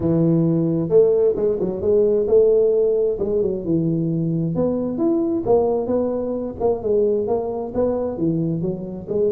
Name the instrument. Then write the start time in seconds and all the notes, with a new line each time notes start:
tuba
0.00 E3
0.89 A3
1.36 G#3
1.60 F#3
1.81 G#3
2.27 A3
3.19 G#3
3.42 F#3
3.64 E3
4.55 B3
4.98 E4
5.45 A#3
5.87 B3
6.60 A#3
6.82 G#3
7.27 A#3
7.74 B3
8.17 E3
8.61 F#3
9.08 G#3